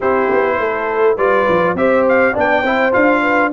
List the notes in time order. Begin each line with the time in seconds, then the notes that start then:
0.00 C4 E4 G4 C5
0.31 B3
0.59 A3 A4
1.16 G3 F4 B4 D5
1.48 F3
1.74 C4 G4 C5 E5
2.08 F5
2.33 B3 D4 D5
2.39 G5
2.62 C4 E4 C5
2.92 D4 F4 F5
3.21 B4